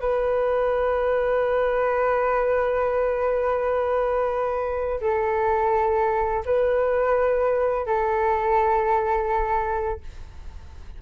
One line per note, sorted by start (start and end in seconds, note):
0.00 5.00 B4
5.01 6.44 A4
6.45 7.86 B4
7.86 10.00 A4